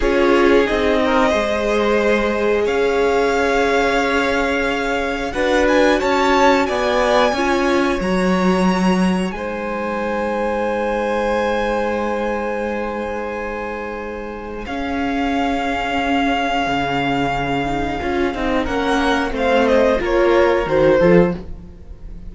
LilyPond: <<
  \new Staff \with { instrumentName = "violin" } { \time 4/4 \tempo 4 = 90 cis''4 dis''2. | f''1 | fis''8 gis''8 a''4 gis''2 | ais''2 gis''2~ |
gis''1~ | gis''2 f''2~ | f''1 | fis''4 f''8 dis''8 cis''4 c''4 | }
  \new Staff \with { instrumentName = "violin" } { \time 4/4 gis'4. ais'8 c''2 | cis''1 | b'4 cis''4 d''4 cis''4~ | cis''2 c''2~ |
c''1~ | c''2 gis'2~ | gis'1 | ais'4 c''4 ais'4. a'8 | }
  \new Staff \with { instrumentName = "viola" } { \time 4/4 f'4 dis'4 gis'2~ | gis'1 | fis'2. f'4 | fis'2 dis'2~ |
dis'1~ | dis'2 cis'2~ | cis'2~ cis'8 dis'8 f'8 dis'8 | cis'4 c'4 f'4 fis'8 f'8 | }
  \new Staff \with { instrumentName = "cello" } { \time 4/4 cis'4 c'4 gis2 | cis'1 | d'4 cis'4 b4 cis'4 | fis2 gis2~ |
gis1~ | gis2 cis'2~ | cis'4 cis2 cis'8 c'8 | ais4 a4 ais4 dis8 f8 | }
>>